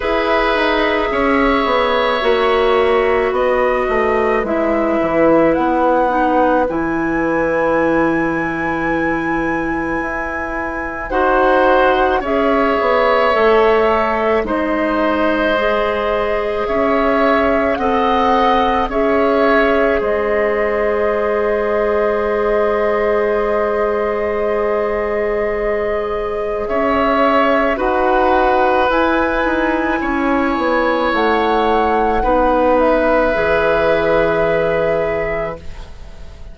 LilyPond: <<
  \new Staff \with { instrumentName = "flute" } { \time 4/4 \tempo 4 = 54 e''2. dis''4 | e''4 fis''4 gis''2~ | gis''2 fis''4 e''4~ | e''4 dis''2 e''4 |
fis''4 e''4 dis''2~ | dis''1 | e''4 fis''4 gis''2 | fis''4. e''2~ e''8 | }
  \new Staff \with { instrumentName = "oboe" } { \time 4/4 b'4 cis''2 b'4~ | b'1~ | b'2 c''4 cis''4~ | cis''4 c''2 cis''4 |
dis''4 cis''4 c''2~ | c''1 | cis''4 b'2 cis''4~ | cis''4 b'2. | }
  \new Staff \with { instrumentName = "clarinet" } { \time 4/4 gis'2 fis'2 | e'4. dis'8 e'2~ | e'2 fis'4 gis'4 | a'4 dis'4 gis'2 |
a'4 gis'2.~ | gis'1~ | gis'4 fis'4 e'2~ | e'4 dis'4 gis'2 | }
  \new Staff \with { instrumentName = "bassoon" } { \time 4/4 e'8 dis'8 cis'8 b8 ais4 b8 a8 | gis8 e8 b4 e2~ | e4 e'4 dis'4 cis'8 b8 | a4 gis2 cis'4 |
c'4 cis'4 gis2~ | gis1 | cis'4 dis'4 e'8 dis'8 cis'8 b8 | a4 b4 e2 | }
>>